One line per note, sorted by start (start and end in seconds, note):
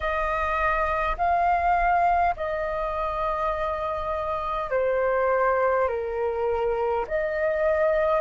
0.00 1.16 D#5
1.17 2.35 F5
2.36 4.70 D#5
4.70 5.88 C5
5.88 7.05 A#4
7.07 8.20 D#5